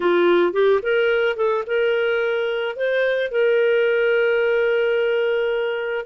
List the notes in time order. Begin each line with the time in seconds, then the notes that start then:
0.00 F4
0.52 G4
0.82 A#4
1.36 A4
1.66 A#4
2.75 C5
3.31 A#4